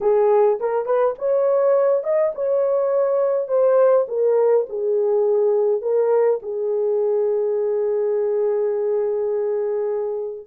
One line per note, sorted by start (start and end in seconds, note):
0.01 0.59 G#4
0.60 0.85 A#4
0.85 1.14 B4
1.18 2.03 C#5
2.03 2.32 D#5
2.35 3.47 C#5
3.47 4.06 C5
4.08 4.66 A#4
4.69 5.81 G#4
5.81 6.39 A#4
6.42 10.46 G#4